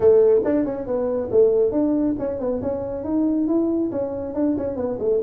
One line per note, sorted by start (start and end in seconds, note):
0.00 0.41 A3
0.44 0.65 D4
0.65 0.86 C#4
0.86 1.29 B3
1.31 1.71 A3
1.71 2.15 D4
2.19 2.39 C#4
2.39 2.61 B3
2.62 3.04 C#4
3.04 3.47 D#4
3.47 3.91 E4
3.91 4.34 C#4
4.34 4.56 D4
4.57 4.76 C#4
4.76 4.97 B3
4.99 5.21 A3